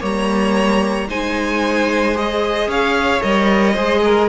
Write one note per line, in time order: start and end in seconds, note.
0.00 1.09 G3
0.00 1.07 A#3
0.00 1.07 C#5
0.00 1.09 A#5
1.09 2.67 G#3
1.09 2.15 D#4
1.09 2.69 C5
1.09 2.17 G#5
2.15 3.21 G#4
2.15 2.70 D#5
2.67 3.21 C#4
2.67 3.73 C#5
2.67 3.22 F5
3.21 3.77 G3
3.21 3.75 A#4
3.21 4.29 D#5
3.73 4.29 G#3
3.73 4.29 G#4
3.73 4.00 C5
4.05 4.29 A#4